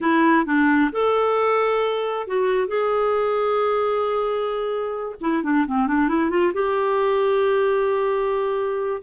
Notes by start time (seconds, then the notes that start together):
0.00 E4
0.45 D4
0.92 A4
2.27 F#4
2.67 G#4
5.20 E4
5.43 D4
5.66 C4
5.87 D4
6.08 E4
6.30 F4
6.53 G4